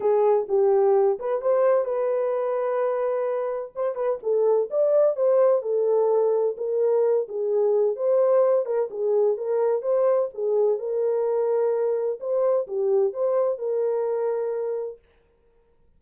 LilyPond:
\new Staff \with { instrumentName = "horn" } { \time 4/4 \tempo 4 = 128 gis'4 g'4. b'8 c''4 | b'1 | c''8 b'8 a'4 d''4 c''4 | a'2 ais'4. gis'8~ |
gis'4 c''4. ais'8 gis'4 | ais'4 c''4 gis'4 ais'4~ | ais'2 c''4 g'4 | c''4 ais'2. | }